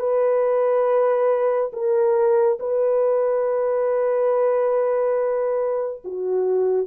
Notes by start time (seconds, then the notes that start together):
0.00 B4
1.73 A#4
2.60 B4
6.04 F#4